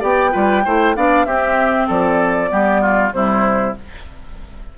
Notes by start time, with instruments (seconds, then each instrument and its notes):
0.00 bassoon B3, clarinet G4, oboe D5, flute G5
0.32 bassoon G3, clarinet F4, oboe B4
0.65 bassoon A3, clarinet E4, oboe C5
0.95 bassoon B3, clarinet D4, oboe D5, flute F5
1.26 bassoon C4, clarinet C4, oboe G4, flute E5
1.88 bassoon F3, oboe A4, flute D5
2.49 bassoon G3, clarinet B3, oboe G4
2.82 oboe F4
3.12 bassoon C3, clarinet G3, oboe E4, flute C5